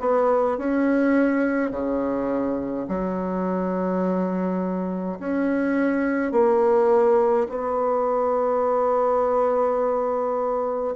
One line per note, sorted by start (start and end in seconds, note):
0.00 0.58 B3
0.58 1.72 C#4
1.72 2.87 C#3
2.88 5.19 F#3
5.19 6.32 C#4
6.32 7.47 A#3
7.49 10.95 B3